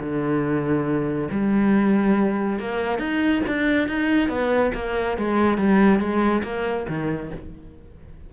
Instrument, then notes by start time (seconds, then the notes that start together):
cello
0.00 D3
1.31 G3
2.59 A#3
2.99 D#4
3.47 D4
3.88 D#4
4.29 B3
4.75 A#3
5.18 G#3
5.58 G3
6.00 G#3
6.43 A#3
6.89 D#3